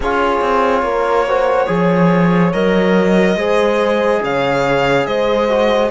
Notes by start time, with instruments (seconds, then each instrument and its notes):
0.00 cello C#4, trombone F4, horn G#4, violin C#5
0.41 cello C4
0.82 cello A#3, horn A#4
1.27 trombone F#4, horn C5
1.67 cello F3, trombone G#4, horn C#5
2.52 cello F#3, trombone A#4, violin D#5
3.35 cello G#3, trombone G#4, horn C5
4.22 cello C#3, horn C#5, violin F5
5.06 cello G#3, horn C5, violin D#5
5.48 trombone F#4